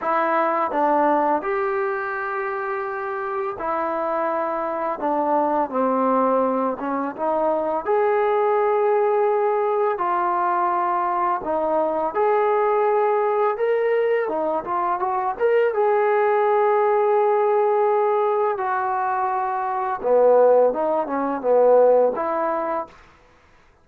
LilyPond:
\new Staff \with { instrumentName = "trombone" } { \time 4/4 \tempo 4 = 84 e'4 d'4 g'2~ | g'4 e'2 d'4 | c'4. cis'8 dis'4 gis'4~ | gis'2 f'2 |
dis'4 gis'2 ais'4 | dis'8 f'8 fis'8 ais'8 gis'2~ | gis'2 fis'2 | b4 dis'8 cis'8 b4 e'4 | }